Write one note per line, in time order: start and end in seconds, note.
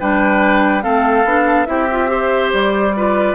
0.00 0.86 G3
0.00 0.83 D4
0.00 0.84 B4
0.00 0.83 G5
0.83 1.25 A3
0.83 1.25 C4
0.83 1.68 A4
0.83 1.66 F5
1.25 1.67 B3
1.25 1.67 D4
1.66 2.53 C4
1.66 1.88 E4
1.66 2.11 G4
1.66 2.51 E5
1.91 2.08 F4
2.08 2.92 G4
2.08 2.96 C5
2.53 3.36 G3
2.53 3.36 D5
2.97 3.36 F4
2.97 3.36 B4